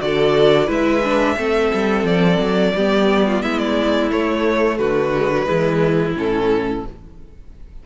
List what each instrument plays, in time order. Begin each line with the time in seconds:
0.00 cello D3, viola F#4, violin A4 D5
0.67 cello G#3, viola E4, violin B4 E5
1.04 viola D4
1.37 cello A3, viola C4, violin A4
1.74 cello G3
2.04 cello F3, violin D5
2.39 cello F#3
2.76 cello G3, viola B3, violin G4
3.27 violin F4
3.42 cello G#3, violin E4 E5
3.58 violin D5
4.11 viola A3, cello A3, violin C#5
4.78 cello D3, violin F#4 B4
5.16 viola G#3
5.31 viola F#3
5.45 cello E3, viola G#3, violin E4
6.15 cello A2, viola C#4, violin A4